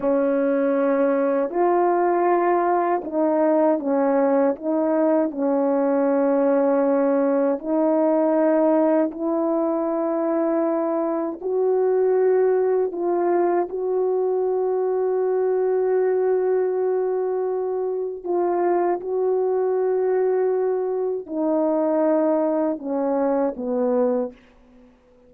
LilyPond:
\new Staff \with { instrumentName = "horn" } { \time 4/4 \tempo 4 = 79 cis'2 f'2 | dis'4 cis'4 dis'4 cis'4~ | cis'2 dis'2 | e'2. fis'4~ |
fis'4 f'4 fis'2~ | fis'1 | f'4 fis'2. | dis'2 cis'4 b4 | }